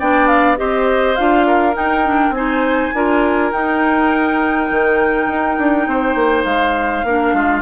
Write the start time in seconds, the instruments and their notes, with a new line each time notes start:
0.00 bassoon B3, clarinet D4, oboe D5, flute G5
0.28 flute F5
0.57 bassoon C4, clarinet G4, oboe C5, flute D#5
1.16 bassoon D4, clarinet F4, flute F5
1.47 oboe A#4
1.74 clarinet D#4, bassoon D#4, flute G5
2.05 clarinet D4
2.30 bassoon C4, clarinet D#4, flute G#5
2.37 oboe C5
2.94 bassoon D4, clarinet F4, oboe A#4
3.52 bassoon D#4, clarinet D#4, flute G5
4.71 bassoon D#3
5.28 bassoon D#4
5.59 bassoon D4
5.88 bassoon C4, oboe C5
6.15 bassoon A#3
6.45 bassoon G#3, flute F5
7.04 bassoon A#3, clarinet D4, oboe A#4
7.33 bassoon G#3, oboe F4